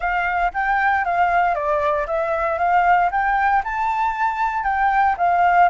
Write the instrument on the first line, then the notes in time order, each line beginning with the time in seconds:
flute
0.00 F5
0.53 G5
1.04 F5
1.54 D5
2.06 E5
2.58 F5
3.11 G5
3.63 A5
4.63 G5
5.17 F5